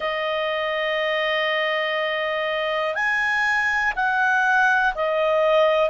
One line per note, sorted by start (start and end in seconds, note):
0.00 2.95 D#5
2.95 3.93 G#5
3.95 4.94 F#5
4.94 5.89 D#5